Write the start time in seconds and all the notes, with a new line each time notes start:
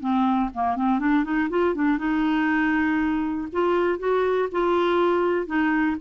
0.00 C4
0.54 A#3
0.76 C4
0.99 D4
1.24 D#4
1.50 F4
1.75 D4
1.98 D#4
3.53 F4
3.99 F#4
4.52 F4
5.46 D#4